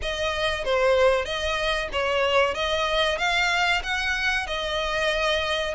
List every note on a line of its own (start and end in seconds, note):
0.02 0.64 D#5
0.64 1.24 C5
1.24 1.88 D#5
1.92 2.54 C#5
2.54 3.18 D#5
3.18 3.82 F5
3.83 4.47 F#5
4.47 5.74 D#5